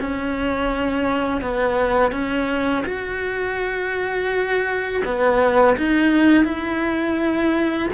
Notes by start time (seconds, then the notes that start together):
0.00 C#4
1.41 B3
2.12 C#4
2.86 F#4
5.05 B3
5.77 D#4
6.44 E4